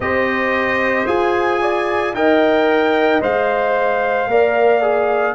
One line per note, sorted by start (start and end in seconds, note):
0.00 1.06 C4
0.00 1.06 G4
0.00 1.61 C5
0.00 1.06 D#5
1.06 2.14 F4
1.06 2.14 G#4
1.06 2.14 G#5
1.61 2.15 D5
2.14 3.21 D#4
2.14 3.21 A#4
2.14 4.29 D#5
2.14 3.21 G5
3.21 4.26 G#3
3.21 4.28 C5
3.21 5.35 F5
4.26 5.33 A#3
4.26 4.81 A#4
4.26 5.35 D5
4.81 5.35 G#4